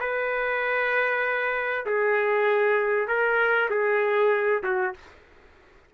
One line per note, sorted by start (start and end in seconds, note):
0.00 1.86 B4
1.86 3.07 G#4
3.07 3.69 A#4
3.70 4.63 G#4
4.63 4.94 F#4